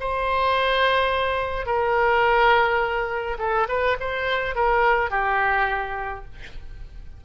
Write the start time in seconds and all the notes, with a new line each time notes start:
0.00 C5
1.66 A#4
3.38 A4
3.68 B4
4.00 C5
4.55 A#4
5.11 G4